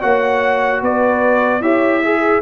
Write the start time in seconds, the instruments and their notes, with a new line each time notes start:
0.00 tuba A#3, trombone F#4, horn C#5, trumpet F#5
0.81 tuba B3, horn B4, trumpet D5
1.60 tuba E4, trombone G4, horn C#5, trumpet E5
2.03 trombone G#4, horn G#4